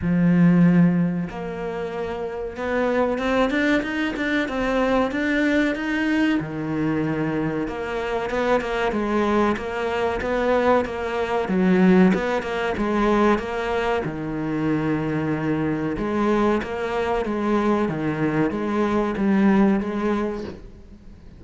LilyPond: \new Staff \with { instrumentName = "cello" } { \time 4/4 \tempo 4 = 94 f2 ais2 | b4 c'8 d'8 dis'8 d'8 c'4 | d'4 dis'4 dis2 | ais4 b8 ais8 gis4 ais4 |
b4 ais4 fis4 b8 ais8 | gis4 ais4 dis2~ | dis4 gis4 ais4 gis4 | dis4 gis4 g4 gis4 | }